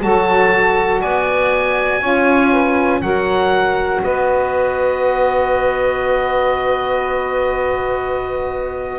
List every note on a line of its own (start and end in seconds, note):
0.00 1.02 F#3
0.00 2.00 F#4
0.00 1.01 A4
0.00 1.01 A5
1.01 2.01 B3
1.01 2.00 D5
1.01 3.01 G#5
2.00 3.01 C#4
2.00 3.01 F4
2.00 2.50 C#5
2.50 3.00 B4
3.01 4.02 F#3
3.01 8.99 F#4
3.01 4.03 A#4
3.01 4.01 F#5
4.03 8.99 B3
4.03 8.99 B4
4.03 8.99 D#5